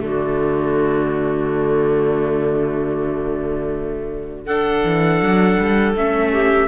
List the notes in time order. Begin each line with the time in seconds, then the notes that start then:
0.00 D3 A3 F#4 D5
4.46 D4 A4 F#5
4.84 E3
5.21 F#3
5.60 G3
5.95 A3 C#4 E5
6.33 G4